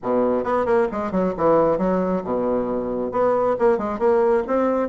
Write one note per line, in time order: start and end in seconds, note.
0.02 0.44 B2
0.44 0.65 B3
0.65 0.87 A#3
0.91 1.11 G#3
1.11 1.33 F#3
1.37 1.78 E3
1.78 2.22 F#3
2.23 3.11 B2
3.11 3.56 B3
3.59 3.78 A#3
3.78 3.98 G#3
3.98 4.43 A#3
4.47 4.88 C4